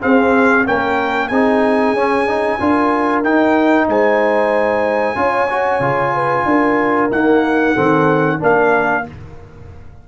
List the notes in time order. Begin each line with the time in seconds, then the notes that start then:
0.00 C4 G#4 F5
0.65 A#3 C#4 A#4 G5
1.28 C4 D#4 G#4 G#5
1.93 C#4
2.27 D#4
2.60 D4 F4 A#4
3.24 D#4 G5
3.88 G#3 C5 G#5
5.16 C#4 F4 C#5
5.50 F#4
5.80 C#3 F4
6.14 B4
6.45 D4 A#4
7.11 A#3 D#4 F#5
7.73 D#3 C4 A4
8.39 A#3 D4 A#4 F5